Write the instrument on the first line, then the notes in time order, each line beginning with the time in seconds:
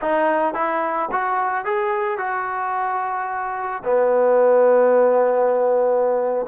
trombone
0.01 D#4
0.54 E4
1.11 F#4
1.64 G#4
2.17 F#4
3.84 B3